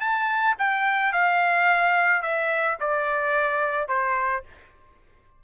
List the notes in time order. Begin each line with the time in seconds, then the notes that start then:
0.00 A5
0.59 G5
1.13 F5
2.22 E5
2.80 D5
3.88 C5